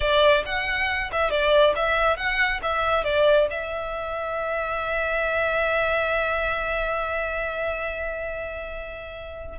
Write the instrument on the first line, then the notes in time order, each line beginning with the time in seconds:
violin
0.00 D5
0.45 F#5
1.12 E5
1.30 D5
1.75 E5
2.16 F#5
2.62 E5
3.04 D5
3.50 E5